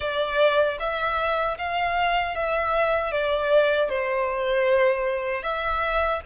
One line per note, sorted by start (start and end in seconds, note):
0.00 0.78 D5
0.79 1.57 E5
1.58 2.35 F5
2.35 3.11 E5
3.11 3.89 D5
3.89 5.42 C5
5.42 6.20 E5